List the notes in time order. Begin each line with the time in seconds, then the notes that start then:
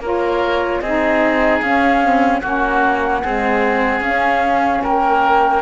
0.00 A#3 F4 A#4 C#5
0.81 C4 D#4 G#4 D#5
1.61 C#4 F5
2.03 C4
2.41 A#3 C#4 F#4 F#5
3.22 G#3 C4 G#4
4.01 C#4 F5
4.83 A#3 A#4 G5